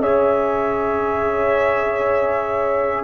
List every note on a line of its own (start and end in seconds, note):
0.00 3.04 C#4
0.00 3.04 G#4
0.00 3.04 C#5
0.00 3.04 E5